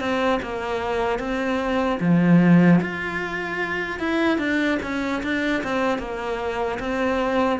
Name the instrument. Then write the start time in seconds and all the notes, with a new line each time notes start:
cello
0.00 C4
0.42 A#3
1.19 C4
2.00 F3
2.81 F4
3.99 E4
4.38 D4
4.83 C#4
5.23 D4
5.63 C4
5.99 A#3
6.79 C4